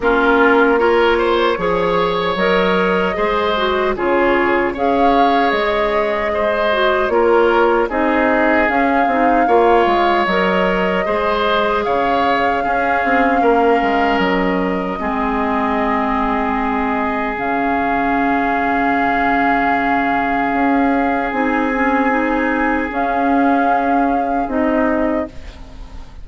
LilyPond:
<<
  \new Staff \with { instrumentName = "flute" } { \time 4/4 \tempo 4 = 76 ais'4 cis''2 dis''4~ | dis''4 cis''4 f''4 dis''4~ | dis''4 cis''4 dis''4 f''4~ | f''4 dis''2 f''4~ |
f''2 dis''2~ | dis''2 f''2~ | f''2. gis''4~ | gis''4 f''2 dis''4 | }
  \new Staff \with { instrumentName = "oboe" } { \time 4/4 f'4 ais'8 c''8 cis''2 | c''4 gis'4 cis''2 | c''4 ais'4 gis'2 | cis''2 c''4 cis''4 |
gis'4 ais'2 gis'4~ | gis'1~ | gis'1~ | gis'1 | }
  \new Staff \with { instrumentName = "clarinet" } { \time 4/4 cis'4 f'4 gis'4 ais'4 | gis'8 fis'8 f'4 gis'2~ | gis'8 fis'8 f'4 dis'4 cis'8 dis'8 | f'4 ais'4 gis'2 |
cis'2. c'4~ | c'2 cis'2~ | cis'2. dis'8 cis'8 | dis'4 cis'2 dis'4 | }
  \new Staff \with { instrumentName = "bassoon" } { \time 4/4 ais2 f4 fis4 | gis4 cis4 cis'4 gis4~ | gis4 ais4 c'4 cis'8 c'8 | ais8 gis8 fis4 gis4 cis4 |
cis'8 c'8 ais8 gis8 fis4 gis4~ | gis2 cis2~ | cis2 cis'4 c'4~ | c'4 cis'2 c'4 | }
>>